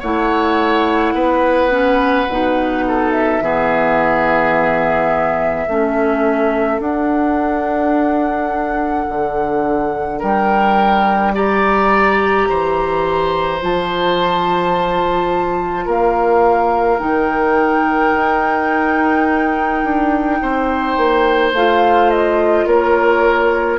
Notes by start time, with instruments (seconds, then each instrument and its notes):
0.00 bassoon A3, clarinet E4, oboe C#5, flute F#5
1.14 bassoon B3, oboe B4
1.71 clarinet C#4
2.29 bassoon B2, clarinet D#4
2.88 oboe A4
3.12 flute E5
3.41 bassoon E3, clarinet B3, oboe G#4
5.69 bassoon A3, clarinet C#4, oboe A4
6.80 bassoon D4, clarinet D4, flute F#5
9.09 bassoon D3
10.19 bassoon G3, oboe A#4, flute G5
11.35 clarinet G4, oboe D5, flute A#5
12.49 bassoon E3, oboe C5
13.60 bassoon F3, clarinet F4, flute A5
15.86 bassoon A#3, oboe A#4, flute F5
16.99 bassoon D#3, clarinet D#4, flute G5
18.14 bassoon D#4
19.84 bassoon D4
20.42 bassoon C4, oboe C5
20.97 bassoon A#3
21.53 bassoon A3, clarinet F4, flute F5
22.10 flute D#5
22.66 bassoon A#3, oboe A#4, flute C#5